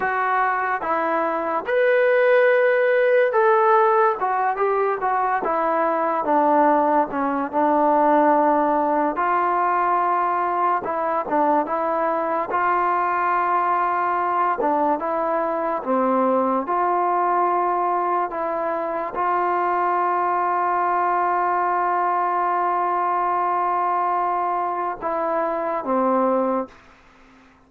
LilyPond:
\new Staff \with { instrumentName = "trombone" } { \time 4/4 \tempo 4 = 72 fis'4 e'4 b'2 | a'4 fis'8 g'8 fis'8 e'4 d'8~ | d'8 cis'8 d'2 f'4~ | f'4 e'8 d'8 e'4 f'4~ |
f'4. d'8 e'4 c'4 | f'2 e'4 f'4~ | f'1~ | f'2 e'4 c'4 | }